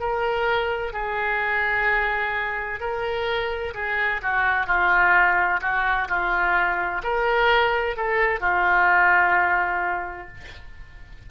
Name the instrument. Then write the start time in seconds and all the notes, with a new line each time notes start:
oboe
0.00 A#4
0.93 G#4
2.80 A#4
3.75 G#4
4.22 F#4
4.67 F4
5.62 F#4
6.09 F4
7.04 A#4
7.96 A4
8.41 F4